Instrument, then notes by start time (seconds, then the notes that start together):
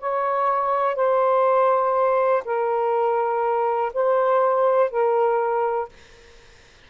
saxophone
0.00 C#5
0.96 C5
2.45 A#4
3.94 C5
4.91 A#4